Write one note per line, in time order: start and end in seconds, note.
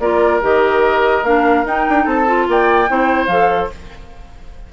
0.00 0.41 A#3
0.00 0.42 F4
0.00 2.05 A#4
0.00 0.42 D5
0.42 1.23 D#3
0.42 1.24 G4
0.42 1.25 D#5
1.23 1.64 A#3
1.23 1.66 D4
1.23 1.66 F5
1.66 1.87 D#4
1.66 2.26 D#4
1.66 2.08 G5
1.90 2.07 D4
2.05 2.48 C4
2.05 2.46 A4
2.05 2.49 A5
2.26 2.88 F4
2.49 2.90 A#3
2.49 2.91 D5
2.49 3.27 G5
2.88 3.28 C4
2.88 3.30 E4
2.88 3.73 C5
3.27 3.69 F3
3.27 3.71 A4
3.27 3.68 F5